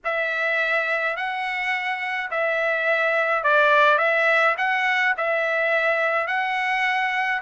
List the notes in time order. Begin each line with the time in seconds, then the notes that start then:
0.04 E5
1.16 F#5
2.31 E5
3.43 D5
3.98 E5
4.57 F#5
5.17 E5
6.27 F#5